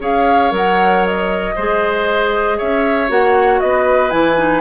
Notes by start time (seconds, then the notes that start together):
0.00 C#4 G#4 C#5 F5
0.51 F#3 A#4 F#5
1.06 D#5
1.55 G#3 G#4 C5
2.58 C#4 C#5 E5
3.09 A#3 F#4 F#5
3.60 B3 B4 D#5
4.10 E3 E4 G#5
4.37 D#4